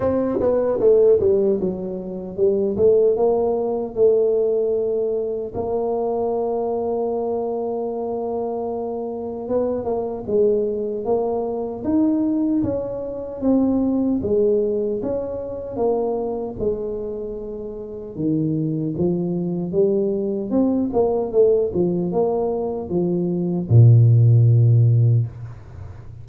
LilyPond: \new Staff \with { instrumentName = "tuba" } { \time 4/4 \tempo 4 = 76 c'8 b8 a8 g8 fis4 g8 a8 | ais4 a2 ais4~ | ais1 | b8 ais8 gis4 ais4 dis'4 |
cis'4 c'4 gis4 cis'4 | ais4 gis2 dis4 | f4 g4 c'8 ais8 a8 f8 | ais4 f4 ais,2 | }